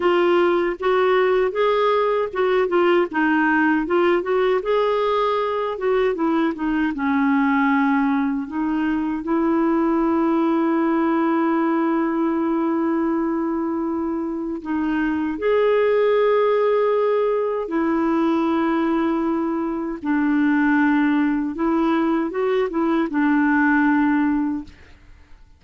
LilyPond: \new Staff \with { instrumentName = "clarinet" } { \time 4/4 \tempo 4 = 78 f'4 fis'4 gis'4 fis'8 f'8 | dis'4 f'8 fis'8 gis'4. fis'8 | e'8 dis'8 cis'2 dis'4 | e'1~ |
e'2. dis'4 | gis'2. e'4~ | e'2 d'2 | e'4 fis'8 e'8 d'2 | }